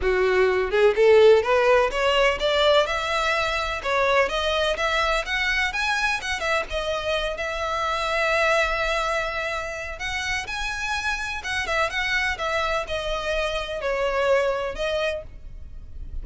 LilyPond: \new Staff \with { instrumentName = "violin" } { \time 4/4 \tempo 4 = 126 fis'4. gis'8 a'4 b'4 | cis''4 d''4 e''2 | cis''4 dis''4 e''4 fis''4 | gis''4 fis''8 e''8 dis''4. e''8~ |
e''1~ | e''4 fis''4 gis''2 | fis''8 e''8 fis''4 e''4 dis''4~ | dis''4 cis''2 dis''4 | }